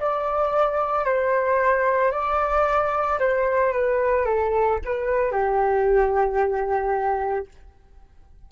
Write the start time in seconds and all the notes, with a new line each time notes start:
0.00 D5
1.05 C5
2.12 D5
3.19 C5
3.73 B4
4.25 A4
4.85 B4
5.32 G4